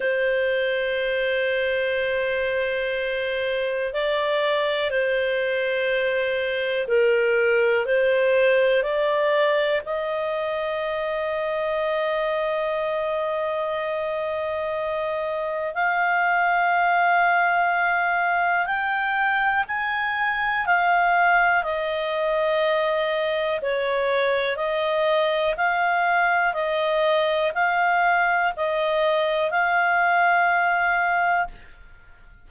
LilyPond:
\new Staff \with { instrumentName = "clarinet" } { \time 4/4 \tempo 4 = 61 c''1 | d''4 c''2 ais'4 | c''4 d''4 dis''2~ | dis''1 |
f''2. g''4 | gis''4 f''4 dis''2 | cis''4 dis''4 f''4 dis''4 | f''4 dis''4 f''2 | }